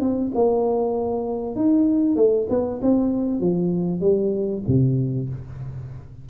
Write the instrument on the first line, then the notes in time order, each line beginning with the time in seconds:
tuba
0.00 C4
0.34 A#3
1.55 D#4
2.16 A3
2.49 B3
2.81 C4
3.40 F3
4.00 G3
4.67 C3